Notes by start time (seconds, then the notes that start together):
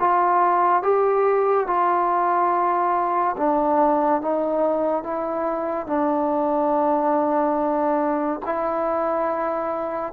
0.00 F4
0.83 G4
1.67 F4
3.37 D4
4.21 D#4
5.04 E4
5.87 D4
8.45 E4